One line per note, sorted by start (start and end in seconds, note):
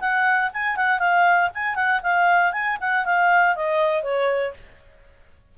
0.00 0.51 F#5
0.53 0.77 G#5
0.77 0.99 F#5
0.99 1.50 F5
1.54 1.75 G#5
1.75 2.01 F#5
2.03 2.52 F5
2.52 2.78 G#5
2.80 3.05 F#5
3.05 3.55 F5
3.55 4.03 D#5
4.03 4.53 C#5